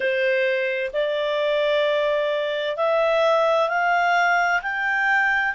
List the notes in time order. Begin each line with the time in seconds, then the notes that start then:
0.00 C5
0.93 D5
2.77 E5
3.69 F5
4.62 G5